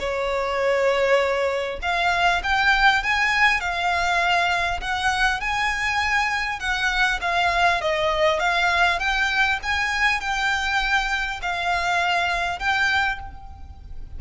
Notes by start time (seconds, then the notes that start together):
0.00 C#5
1.82 F5
2.44 G5
3.04 G#5
3.61 F5
4.81 F#5
5.41 G#5
6.60 F#5
7.22 F5
7.82 D#5
8.40 F5
8.99 G5
9.63 G#5
10.21 G5
11.42 F5
12.60 G5